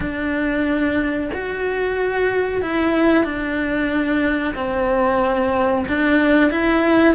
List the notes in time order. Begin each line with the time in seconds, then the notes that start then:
0.00 D4
1.33 F#4
2.61 E4
3.24 D4
4.54 C4
5.88 D4
6.50 E4